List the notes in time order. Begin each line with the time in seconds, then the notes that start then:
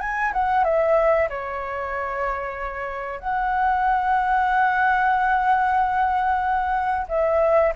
0.00 G#5
0.33 F#5
0.64 E5
1.29 C#5
3.20 F#5
7.09 E5